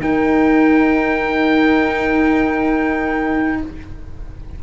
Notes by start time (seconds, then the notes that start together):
0.00 D#4 A#4 G5